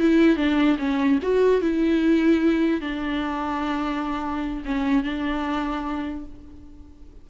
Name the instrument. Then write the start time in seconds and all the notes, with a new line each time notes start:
viola
0.00 E4
0.36 D4
0.78 C#4
1.22 F#4
1.61 E4
2.80 D4
4.65 C#4
5.03 D4